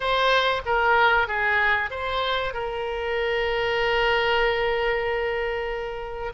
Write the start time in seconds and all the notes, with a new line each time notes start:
0.00 C5
0.65 A#4
1.27 G#4
1.90 C5
2.53 A#4